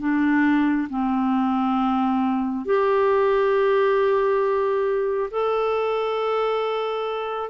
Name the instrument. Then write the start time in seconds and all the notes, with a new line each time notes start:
clarinet
0.00 D4
0.89 C4
2.66 G4
5.31 A4